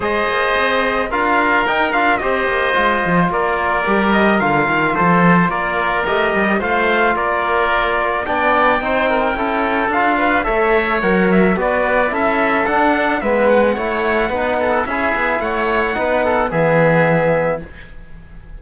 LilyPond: <<
  \new Staff \with { instrumentName = "trumpet" } { \time 4/4 \tempo 4 = 109 dis''2 f''4 g''8 f''8 | dis''2 d''4. dis''8 | f''4 c''4 d''4 dis''4 | f''4 d''2 g''4~ |
g''2 f''4 e''4 | fis''8 e''8 d''4 e''4 fis''4 | e''8 fis''2~ fis''8 e''4 | fis''2 e''2 | }
  \new Staff \with { instrumentName = "oboe" } { \time 4/4 c''2 ais'2 | c''2 ais'2~ | ais'4 a'4 ais'2 | c''4 ais'2 d''4 |
c''8 ais'8 a'4. b'8 cis''4~ | cis''4 b'4 a'2 | b'4 cis''4 b'8 a'8 gis'4 | cis''4 b'8 a'8 gis'2 | }
  \new Staff \with { instrumentName = "trombone" } { \time 4/4 gis'2 f'4 dis'8 f'8 | g'4 f'2 g'4 | f'2. g'4 | f'2. d'4 |
dis'4 e'4 f'4 a'4 | ais'4 fis'4 e'4 d'4 | b4 e'4 dis'4 e'4~ | e'4 dis'4 b2 | }
  \new Staff \with { instrumentName = "cello" } { \time 4/4 gis8 ais8 c'4 d'4 dis'8 d'8 | c'8 ais8 gis8 f8 ais4 g4 | d8 dis8 f4 ais4 a8 g8 | a4 ais2 b4 |
c'4 cis'4 d'4 a4 | fis4 b4 cis'4 d'4 | gis4 a4 b4 cis'8 b8 | a4 b4 e2 | }
>>